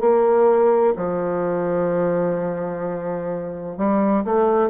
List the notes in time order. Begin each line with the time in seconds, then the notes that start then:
0.00 A#3
0.96 F3
3.77 G3
4.24 A3